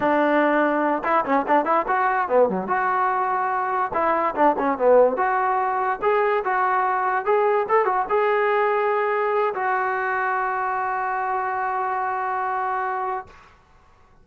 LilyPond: \new Staff \with { instrumentName = "trombone" } { \time 4/4 \tempo 4 = 145 d'2~ d'8 e'8 cis'8 d'8 | e'8 fis'4 b8 fis8 fis'4.~ | fis'4. e'4 d'8 cis'8 b8~ | b8 fis'2 gis'4 fis'8~ |
fis'4. gis'4 a'8 fis'8 gis'8~ | gis'2. fis'4~ | fis'1~ | fis'1 | }